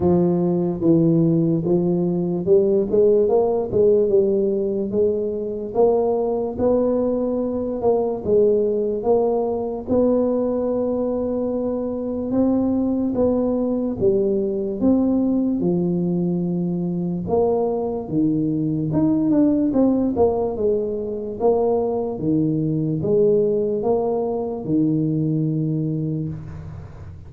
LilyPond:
\new Staff \with { instrumentName = "tuba" } { \time 4/4 \tempo 4 = 73 f4 e4 f4 g8 gis8 | ais8 gis8 g4 gis4 ais4 | b4. ais8 gis4 ais4 | b2. c'4 |
b4 g4 c'4 f4~ | f4 ais4 dis4 dis'8 d'8 | c'8 ais8 gis4 ais4 dis4 | gis4 ais4 dis2 | }